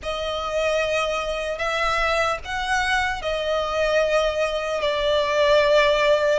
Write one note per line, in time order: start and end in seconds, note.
0.02 1.58 D#5
1.58 2.38 E5
2.44 3.21 F#5
3.21 4.81 D#5
4.81 6.39 D5